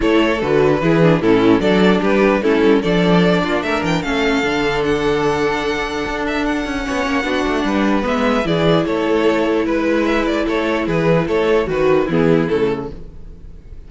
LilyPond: <<
  \new Staff \with { instrumentName = "violin" } { \time 4/4 \tempo 4 = 149 cis''4 b'2 a'4 | d''4 b'4 a'4 d''4~ | d''4 e''8 g''8 f''2 | fis''2.~ fis''8 e''8 |
fis''1 | e''4 d''4 cis''2 | b'4 e''8 d''8 cis''4 b'4 | cis''4 b'4 gis'4 a'4 | }
  \new Staff \with { instrumentName = "violin" } { \time 4/4 a'2 gis'4 e'4 | a'4 g'4 e'4 a'4~ | a'8 f'8 ais'4 a'2~ | a'1~ |
a'4 cis''4 fis'4 b'4~ | b'4 gis'4 a'2 | b'2 a'4 gis'4 | a'4 fis'4 e'2 | }
  \new Staff \with { instrumentName = "viola" } { \time 4/4 e'4 fis'4 e'8 d'8 cis'4 | d'2 cis'4 d'4~ | d'2 cis'4 d'4~ | d'1~ |
d'4 cis'4 d'2 | b4 e'2.~ | e'1~ | e'4 fis'4 b4 a4 | }
  \new Staff \with { instrumentName = "cello" } { \time 4/4 a4 d4 e4 a,4 | fis4 g4 a8 g8 f4~ | f8 ais8 a8 e8 a4 d4~ | d2. d'4~ |
d'8 cis'8 b8 ais8 b8 a8 g4 | gis4 e4 a2 | gis2 a4 e4 | a4 dis4 e4 cis4 | }
>>